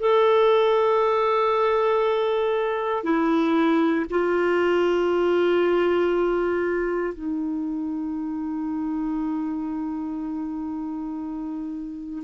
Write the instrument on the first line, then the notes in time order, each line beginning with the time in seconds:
clarinet
0.00 A4
3.04 E4
4.10 F4
7.15 D#4